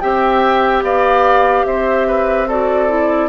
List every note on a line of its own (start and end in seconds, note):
0.00 0.82 C4
0.00 2.47 G4
0.00 0.84 E5
0.00 0.82 G5
0.82 1.64 B3
0.82 1.66 D5
0.82 1.65 F5
1.65 3.28 C4
1.65 2.07 C5
1.65 2.47 E5
2.07 2.48 B4
2.48 2.88 F#4
2.48 3.28 A4
2.48 3.28 D5
2.88 3.28 E4